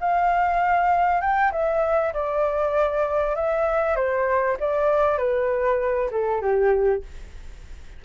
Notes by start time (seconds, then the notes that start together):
0.00 F5
1.21 G5
1.52 E5
2.13 D5
3.35 E5
3.95 C5
4.60 D5
5.18 B4
6.11 A4
6.41 G4